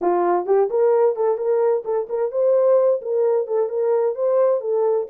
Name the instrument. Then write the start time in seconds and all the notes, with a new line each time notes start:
horn
0.01 F4
0.46 G4
0.69 A#4
1.16 A4
1.37 A#4
1.84 A4
2.09 A#4
2.31 C5
3.01 A#4
3.47 A4
3.69 A#4
4.15 C5
4.60 A4